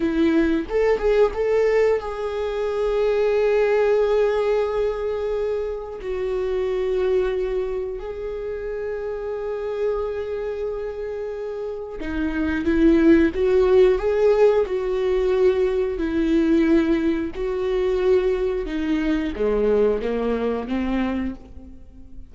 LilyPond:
\new Staff \with { instrumentName = "viola" } { \time 4/4 \tempo 4 = 90 e'4 a'8 gis'8 a'4 gis'4~ | gis'1~ | gis'4 fis'2. | gis'1~ |
gis'2 dis'4 e'4 | fis'4 gis'4 fis'2 | e'2 fis'2 | dis'4 gis4 ais4 c'4 | }